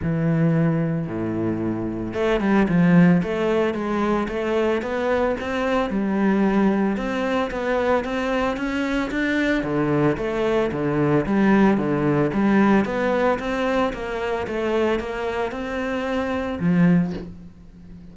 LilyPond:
\new Staff \with { instrumentName = "cello" } { \time 4/4 \tempo 4 = 112 e2 a,2 | a8 g8 f4 a4 gis4 | a4 b4 c'4 g4~ | g4 c'4 b4 c'4 |
cis'4 d'4 d4 a4 | d4 g4 d4 g4 | b4 c'4 ais4 a4 | ais4 c'2 f4 | }